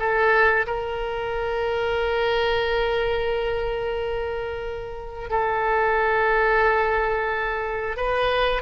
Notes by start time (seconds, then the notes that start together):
0.00 A4
0.67 A#4
5.30 A4
7.97 B4